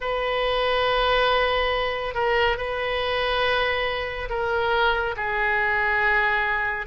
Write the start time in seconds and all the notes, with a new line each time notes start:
0.00 B4
2.14 A#4
2.57 B4
4.29 A#4
5.16 G#4